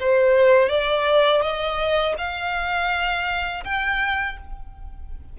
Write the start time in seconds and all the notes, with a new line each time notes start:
0.00 C5
0.70 D5
1.42 D#5
2.18 F5
3.65 G5